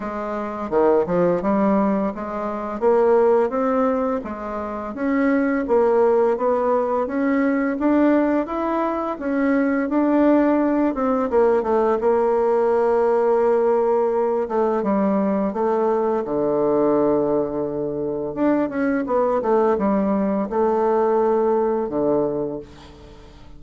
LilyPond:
\new Staff \with { instrumentName = "bassoon" } { \time 4/4 \tempo 4 = 85 gis4 dis8 f8 g4 gis4 | ais4 c'4 gis4 cis'4 | ais4 b4 cis'4 d'4 | e'4 cis'4 d'4. c'8 |
ais8 a8 ais2.~ | ais8 a8 g4 a4 d4~ | d2 d'8 cis'8 b8 a8 | g4 a2 d4 | }